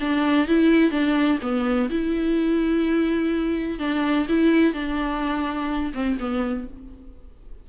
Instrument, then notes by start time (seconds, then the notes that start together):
viola
0.00 D4
0.48 E4
0.91 D4
1.42 B3
1.89 E4
3.79 D4
4.29 E4
4.73 D4
5.94 C4
6.19 B3